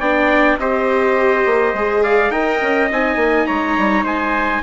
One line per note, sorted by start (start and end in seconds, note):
0.00 0.58 B3
0.00 0.60 D4
0.00 0.58 D5
0.00 0.59 G5
0.58 1.45 C4
0.58 1.76 G4
0.58 2.03 C5
0.58 2.04 D#5
1.46 1.74 A#3
1.74 2.31 G#3
1.74 2.32 G#4
2.03 2.32 D5
2.03 2.31 F5
2.31 2.59 D#4
2.31 2.90 A#4
2.31 3.47 D#5
2.31 2.89 G5
2.62 2.91 C#4
2.90 3.16 C4
2.90 4.63 D#4
2.90 3.47 G#5
3.16 3.45 A#3
3.47 3.78 G#3
3.47 4.04 C#5
3.47 4.04 A#5
3.78 4.03 G3
4.03 4.61 G#3
4.03 4.62 C5
4.03 4.63 G#5